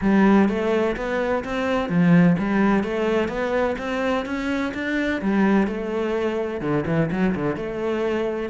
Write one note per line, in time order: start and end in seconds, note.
0.01 0.48 G3
0.49 0.96 A3
0.96 1.43 B3
1.44 1.89 C4
1.89 2.36 F3
2.38 2.83 G3
2.83 3.28 A3
3.28 3.75 B3
3.78 4.25 C4
4.25 4.72 C#4
4.74 5.21 D4
5.21 5.67 G3
5.67 6.61 A3
6.61 6.84 D3
6.86 7.10 E3
7.11 7.34 F#3
7.35 7.55 D3
7.55 8.49 A3